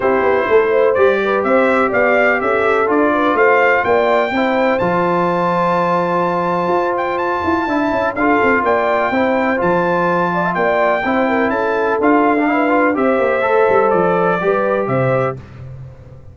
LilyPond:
<<
  \new Staff \with { instrumentName = "trumpet" } { \time 4/4 \tempo 4 = 125 c''2 d''4 e''4 | f''4 e''4 d''4 f''4 | g''2 a''2~ | a''2~ a''8 g''8 a''4~ |
a''4 f''4 g''2 | a''2 g''2 | a''4 f''2 e''4~ | e''4 d''2 e''4 | }
  \new Staff \with { instrumentName = "horn" } { \time 4/4 g'4 a'8 c''4 b'8 c''4 | d''4 a'4. b'8 c''4 | d''4 c''2.~ | c''1 |
e''4 a'4 d''4 c''4~ | c''4. d''16 e''16 d''4 c''8 ais'8 | a'2 b'4 c''4~ | c''2 b'4 c''4 | }
  \new Staff \with { instrumentName = "trombone" } { \time 4/4 e'2 g'2~ | g'2 f'2~ | f'4 e'4 f'2~ | f'1 |
e'4 f'2 e'4 | f'2. e'4~ | e'4 f'8. d'16 e'8 f'8 g'4 | a'2 g'2 | }
  \new Staff \with { instrumentName = "tuba" } { \time 4/4 c'8 b8 a4 g4 c'4 | b4 cis'4 d'4 a4 | ais4 c'4 f2~ | f2 f'4. e'8 |
d'8 cis'8 d'8 c'8 ais4 c'4 | f2 ais4 c'4 | cis'4 d'2 c'8 ais8 | a8 g8 f4 g4 c4 | }
>>